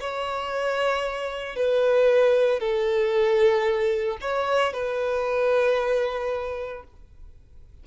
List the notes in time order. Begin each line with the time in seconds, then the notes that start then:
0.00 C#5
1.56 B4
2.60 A4
4.21 C#5
4.73 B4